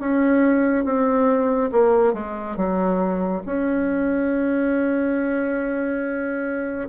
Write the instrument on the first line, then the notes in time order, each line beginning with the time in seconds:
bassoon
0.00 C#4
0.85 C4
1.72 A#3
2.14 G#3
2.57 F#3
3.46 C#4